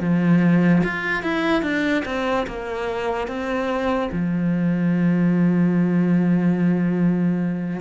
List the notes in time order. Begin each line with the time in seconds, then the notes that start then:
0.00 F3
0.84 F4
1.23 E4
1.63 D4
2.05 C4
2.47 A#3
3.27 C4
4.12 F3